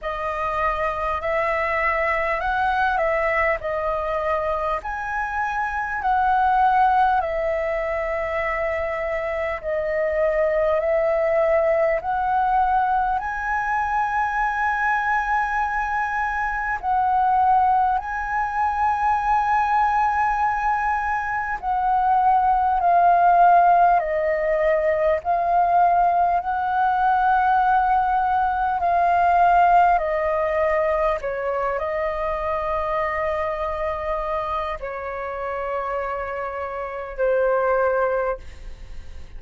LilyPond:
\new Staff \with { instrumentName = "flute" } { \time 4/4 \tempo 4 = 50 dis''4 e''4 fis''8 e''8 dis''4 | gis''4 fis''4 e''2 | dis''4 e''4 fis''4 gis''4~ | gis''2 fis''4 gis''4~ |
gis''2 fis''4 f''4 | dis''4 f''4 fis''2 | f''4 dis''4 cis''8 dis''4.~ | dis''4 cis''2 c''4 | }